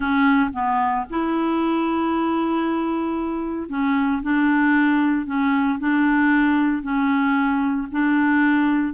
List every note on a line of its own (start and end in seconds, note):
0.00 0.50 C#4
0.53 1.05 B3
1.10 3.69 E4
3.69 4.22 C#4
4.22 5.26 D4
5.26 5.78 C#4
5.79 6.82 D4
6.82 7.87 C#4
7.91 8.93 D4